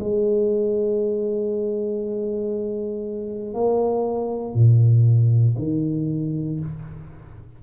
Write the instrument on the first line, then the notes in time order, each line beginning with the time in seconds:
tuba
0.00 G#3
3.54 A#3
4.54 A#2
5.58 D#3